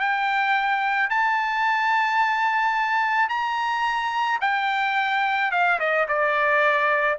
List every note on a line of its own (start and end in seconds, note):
0.00 1.10 G5
1.10 3.29 A5
3.29 4.39 A#5
4.42 5.52 G5
5.52 5.79 F5
5.80 6.08 D#5
6.09 7.19 D5